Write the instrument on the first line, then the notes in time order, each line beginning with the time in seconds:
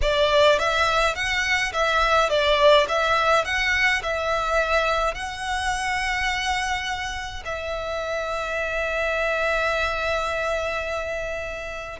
violin
0.01 D5
0.58 E5
1.15 F#5
1.72 E5
2.29 D5
2.88 E5
3.44 F#5
4.02 E5
5.14 F#5
7.45 E5